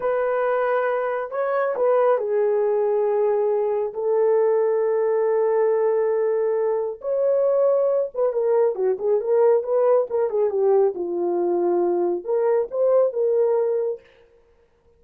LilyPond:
\new Staff \with { instrumentName = "horn" } { \time 4/4 \tempo 4 = 137 b'2. cis''4 | b'4 gis'2.~ | gis'4 a'2.~ | a'1 |
cis''2~ cis''8 b'8 ais'4 | fis'8 gis'8 ais'4 b'4 ais'8 gis'8 | g'4 f'2. | ais'4 c''4 ais'2 | }